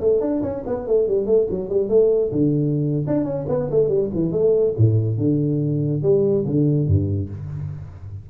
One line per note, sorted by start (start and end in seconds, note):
0.00 0.21 A3
0.21 0.42 D4
0.42 0.63 C#4
0.67 0.87 B3
0.87 1.08 A3
1.08 1.26 G3
1.26 1.47 A3
1.50 1.69 F#3
1.69 1.89 G3
1.89 2.31 A3
2.32 3.06 D3
3.07 3.24 D4
3.24 3.45 C#4
3.49 3.70 B3
3.71 3.88 A3
3.88 4.09 G3
4.14 4.32 E3
4.32 4.74 A3
4.78 5.18 A2
5.18 6.02 D3
6.02 6.45 G3
6.46 6.87 D3
6.87 7.29 G2